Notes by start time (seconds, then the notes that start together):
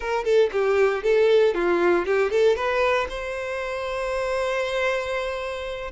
0.00 A#4
0.24 A4
0.52 G4
1.03 A4
1.54 F4
2.05 G4
2.30 A4
2.56 B4
3.09 C5